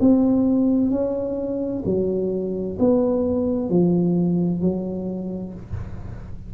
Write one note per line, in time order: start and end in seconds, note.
0.00 0.90 C4
0.90 1.83 C#4
1.85 2.78 F#3
2.79 3.70 B3
3.70 4.62 F3
4.62 5.54 F#3